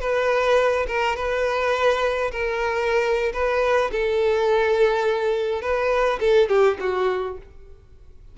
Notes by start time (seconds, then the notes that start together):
0.00 B4
0.87 A#4
1.16 B4
2.32 A#4
3.33 B4
3.92 A4
5.62 B4
6.20 A4
6.49 G4
6.80 F#4